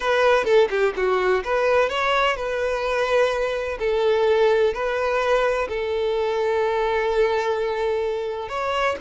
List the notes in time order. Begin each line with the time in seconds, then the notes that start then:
0.00 B4
0.44 A4
0.70 G4
0.96 F#4
1.44 B4
1.89 C#5
2.36 B4
3.79 A4
4.73 B4
5.68 A4
8.48 C#5